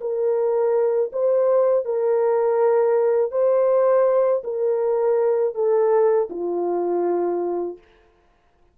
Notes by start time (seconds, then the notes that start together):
0.00 A#4
1.12 C5
1.85 A#4
3.31 C5
4.43 A#4
5.54 A4
6.29 F4